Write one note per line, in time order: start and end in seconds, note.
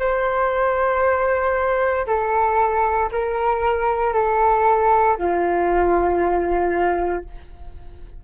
0.00 2.07 C5
2.07 3.10 A4
3.12 4.14 A#4
4.14 5.17 A4
5.18 7.25 F4